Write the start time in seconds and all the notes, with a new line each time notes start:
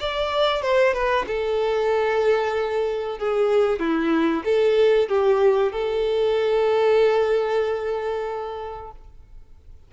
0.00 D5
0.62 C5
0.94 B4
1.27 A4
3.19 G#4
3.80 E4
4.45 A4
5.09 G4
5.72 A4